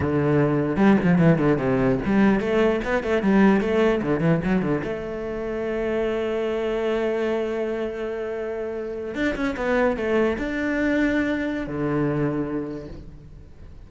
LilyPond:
\new Staff \with { instrumentName = "cello" } { \time 4/4 \tempo 4 = 149 d2 g8 f8 e8 d8 | c4 g4 a4 b8 a8 | g4 a4 d8 e8 fis8 d8 | a1~ |
a1~ | a2~ a8. d'8 cis'8 b16~ | b8. a4 d'2~ d'16~ | d'4 d2. | }